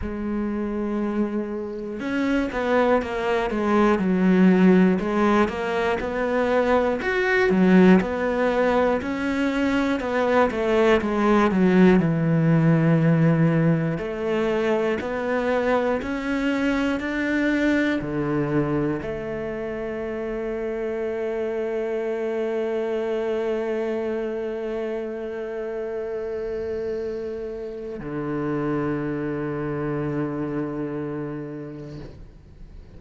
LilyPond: \new Staff \with { instrumentName = "cello" } { \time 4/4 \tempo 4 = 60 gis2 cis'8 b8 ais8 gis8 | fis4 gis8 ais8 b4 fis'8 fis8 | b4 cis'4 b8 a8 gis8 fis8 | e2 a4 b4 |
cis'4 d'4 d4 a4~ | a1~ | a1 | d1 | }